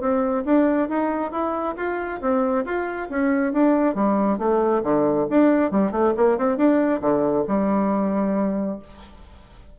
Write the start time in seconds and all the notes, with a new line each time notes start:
0.00 C4
0.45 D4
0.89 D#4
1.31 E4
1.76 F4
2.21 C4
2.65 F4
3.09 C#4
3.53 D4
3.95 G3
4.38 A3
4.83 D3
5.30 D4
5.71 G3
5.91 A3
6.17 A#3
6.38 C4
6.57 D4
7.01 D3
7.48 G3